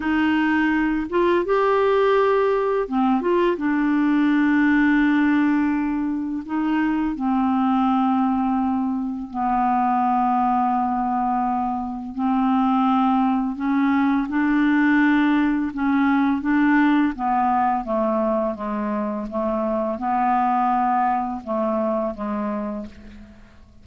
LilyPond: \new Staff \with { instrumentName = "clarinet" } { \time 4/4 \tempo 4 = 84 dis'4. f'8 g'2 | c'8 f'8 d'2.~ | d'4 dis'4 c'2~ | c'4 b2.~ |
b4 c'2 cis'4 | d'2 cis'4 d'4 | b4 a4 gis4 a4 | b2 a4 gis4 | }